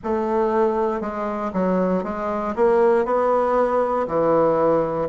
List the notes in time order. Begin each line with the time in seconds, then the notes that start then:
0.03 A3
1.00 G#3
1.53 F#3
2.03 G#3
2.55 A#3
3.05 B3
4.07 E3